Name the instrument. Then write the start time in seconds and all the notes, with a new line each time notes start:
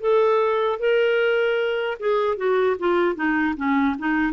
clarinet
0.00 A4
0.79 A#4
1.99 G#4
2.36 F#4
2.79 F4
3.15 D#4
3.56 C#4
3.98 D#4